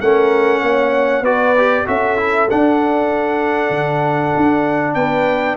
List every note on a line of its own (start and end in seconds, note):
0.00 0.62 A3
0.00 1.24 C#4
0.00 0.62 A#4
0.00 1.24 F#5
0.62 1.22 A#3
0.62 1.22 C#5
1.22 1.83 B3
1.22 1.55 F#4
1.22 1.84 B4
1.22 1.87 D5
1.57 1.86 G4
1.86 2.50 C#4
1.86 2.17 F#4
1.86 4.95 A4
1.86 2.49 E5
2.17 2.48 E4
2.50 5.57 D4
2.50 3.70 D4
2.50 4.94 F#5
3.70 4.31 D3
4.37 4.95 D4
4.94 5.57 B3
4.94 5.57 B4
4.94 5.56 G5